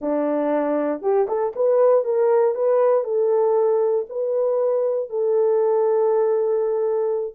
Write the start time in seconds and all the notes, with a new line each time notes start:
0.01 D4
1.01 G4
1.27 A4
1.55 B4
2.04 A#4
2.54 B4
3.03 A4
4.09 B4
5.09 A4